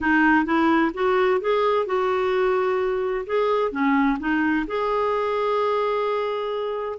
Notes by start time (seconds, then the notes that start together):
0.00 D#4
0.45 E4
0.94 F#4
1.40 G#4
1.86 F#4
3.26 G#4
3.71 C#4
4.19 D#4
4.67 G#4